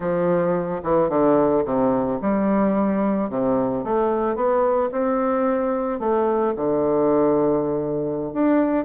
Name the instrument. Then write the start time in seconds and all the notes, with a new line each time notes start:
bassoon
0.00 F3
0.83 E3
1.09 D3
1.64 C3
2.21 G3
3.29 C3
3.83 A3
4.35 B3
4.91 C4
5.99 A3
6.56 D3
8.33 D4